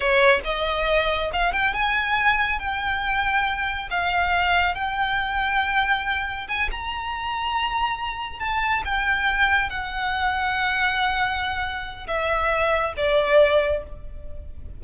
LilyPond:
\new Staff \with { instrumentName = "violin" } { \time 4/4 \tempo 4 = 139 cis''4 dis''2 f''8 g''8 | gis''2 g''2~ | g''4 f''2 g''4~ | g''2. gis''8 ais''8~ |
ais''2.~ ais''8 a''8~ | a''8 g''2 fis''4.~ | fis''1 | e''2 d''2 | }